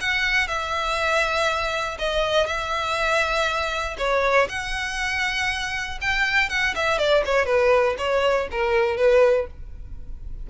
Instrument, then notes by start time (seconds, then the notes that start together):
violin
0.00 F#5
0.47 E5
1.98 D#5
2.46 E5
3.97 C#5
4.48 F#5
6.00 G5
6.49 F#5
6.75 E5
6.98 D5
7.25 C#5
7.45 B4
7.97 C#5
8.50 A#4
8.96 B4